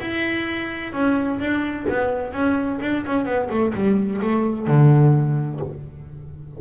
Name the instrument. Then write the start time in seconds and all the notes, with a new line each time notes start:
double bass
0.00 E4
0.92 C#4
1.39 D4
1.89 B3
2.32 C#4
2.81 D4
3.05 C#4
3.25 B3
3.50 A3
3.74 G3
4.21 A3
4.67 D3